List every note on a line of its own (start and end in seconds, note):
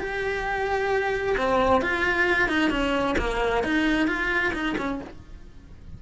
0.00 1.36 G4
1.38 1.82 C4
1.82 2.49 F4
2.49 2.70 D#4
2.70 3.16 C#4
3.18 3.64 A#3
3.64 4.08 D#4
4.08 4.53 F4
4.54 4.76 D#4
4.78 5.01 C#4